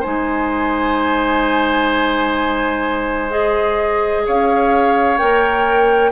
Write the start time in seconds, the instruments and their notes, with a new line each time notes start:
0.00 bassoon G#3, clarinet D#4, oboe C5, flute G#5
3.30 clarinet G#4, flute D#5
4.26 bassoon C#4, oboe C#5, flute F5
5.18 bassoon A#3, clarinet A#4, flute G5